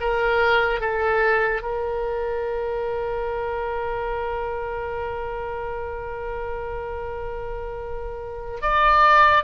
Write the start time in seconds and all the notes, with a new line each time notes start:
0.00 A#4
0.80 A4
1.61 A#4
8.62 D5